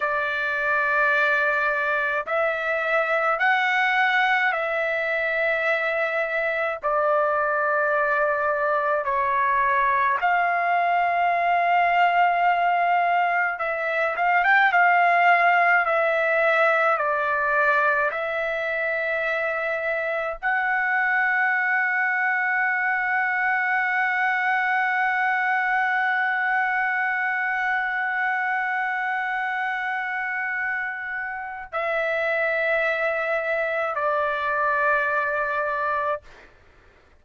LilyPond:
\new Staff \with { instrumentName = "trumpet" } { \time 4/4 \tempo 4 = 53 d''2 e''4 fis''4 | e''2 d''2 | cis''4 f''2. | e''8 f''16 g''16 f''4 e''4 d''4 |
e''2 fis''2~ | fis''1~ | fis''1 | e''2 d''2 | }